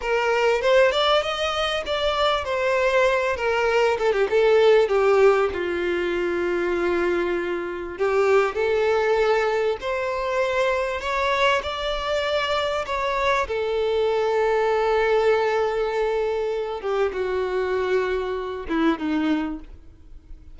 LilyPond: \new Staff \with { instrumentName = "violin" } { \time 4/4 \tempo 4 = 98 ais'4 c''8 d''8 dis''4 d''4 | c''4. ais'4 a'16 g'16 a'4 | g'4 f'2.~ | f'4 g'4 a'2 |
c''2 cis''4 d''4~ | d''4 cis''4 a'2~ | a'2.~ a'8 g'8 | fis'2~ fis'8 e'8 dis'4 | }